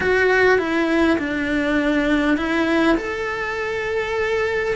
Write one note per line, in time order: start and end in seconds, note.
0.00 0.58 F#4
0.58 1.17 E4
1.18 2.37 D4
2.37 2.96 E4
2.97 4.75 A4